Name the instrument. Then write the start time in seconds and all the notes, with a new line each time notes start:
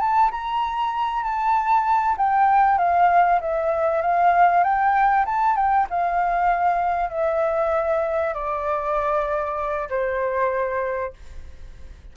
flute
0.00 A5
0.31 A#5
1.23 A5
2.17 G5
2.78 F5
3.41 E5
4.02 F5
4.63 G5
5.25 A5
5.56 G5
5.90 F5
7.10 E5
8.34 D5
9.89 C5